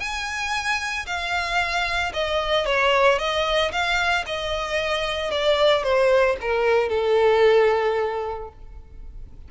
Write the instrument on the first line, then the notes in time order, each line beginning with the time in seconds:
violin
0.00 G#5
1.06 F5
2.14 D#5
2.66 C#5
3.19 D#5
3.72 F5
4.27 D#5
5.31 D5
5.84 C5
6.41 A#4
6.89 A4